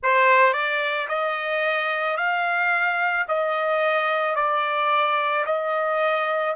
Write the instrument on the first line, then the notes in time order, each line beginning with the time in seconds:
trumpet
0.02 C5
0.53 D5
1.08 D#5
2.16 F5
3.28 D#5
4.35 D5
5.45 D#5